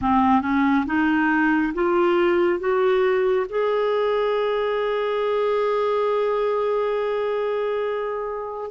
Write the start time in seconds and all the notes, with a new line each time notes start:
0.01 C4
0.41 C#4
0.86 D#4
1.74 F4
2.59 F#4
3.49 G#4